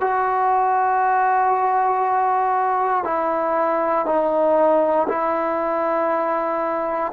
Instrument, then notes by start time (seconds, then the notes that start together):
trombone
0.00 F#4
3.04 E4
4.05 D#4
5.08 E4